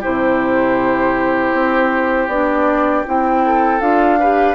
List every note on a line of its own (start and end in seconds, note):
0.00 1.52 C3
0.00 2.30 E4
0.00 3.42 G4
0.00 2.29 C5
1.52 2.27 C4
2.27 3.03 B3
2.27 3.06 D4
2.27 3.05 D5
3.06 3.81 C4
3.06 3.80 E4
3.06 3.81 G5
3.46 4.19 A4
3.80 4.55 D4
3.80 4.18 F4
3.80 4.55 F5
4.19 4.55 G4
4.19 4.55 B4